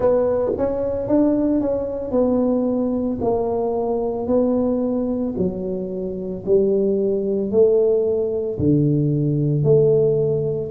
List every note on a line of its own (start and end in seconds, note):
0.00 0.52 B3
0.56 1.07 C#4
1.07 1.61 D4
1.61 2.11 C#4
2.11 3.18 B3
3.21 4.27 A#3
4.27 5.34 B3
5.37 6.44 F#3
6.45 7.51 G3
7.51 8.58 A3
8.58 9.63 D3
9.63 10.70 A3